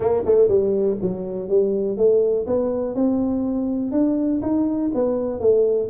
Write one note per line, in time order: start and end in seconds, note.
0.00 0.22 A#3
0.25 0.48 A3
0.48 0.97 G3
1.01 1.48 F#3
1.48 1.97 G3
1.97 2.46 A3
2.46 2.94 B3
2.94 3.91 C4
3.91 4.40 D4
4.42 4.91 D#4
4.94 5.39 B3
5.39 5.89 A3